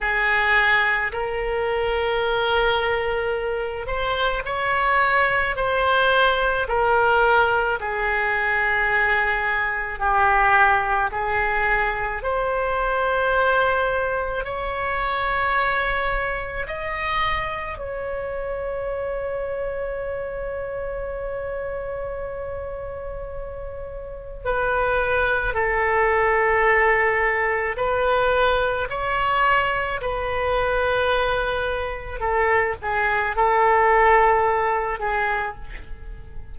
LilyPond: \new Staff \with { instrumentName = "oboe" } { \time 4/4 \tempo 4 = 54 gis'4 ais'2~ ais'8 c''8 | cis''4 c''4 ais'4 gis'4~ | gis'4 g'4 gis'4 c''4~ | c''4 cis''2 dis''4 |
cis''1~ | cis''2 b'4 a'4~ | a'4 b'4 cis''4 b'4~ | b'4 a'8 gis'8 a'4. gis'8 | }